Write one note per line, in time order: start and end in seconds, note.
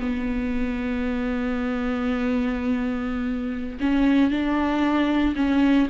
0.00 3.78 B3
3.80 4.30 C#4
4.30 5.35 D4
5.35 5.88 C#4